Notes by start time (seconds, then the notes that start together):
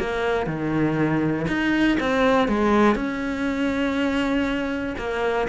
0.00 A#3
0.47 D#3
1.48 D#4
2.01 C4
2.48 G#3
2.96 C#4
4.98 A#3